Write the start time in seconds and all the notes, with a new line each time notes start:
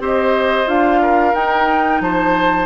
0.00 C4 G4 C5 D#5
0.67 D4 F4 F5
1.02 A#4
1.34 D#4 G5
2.01 F3 C5 A5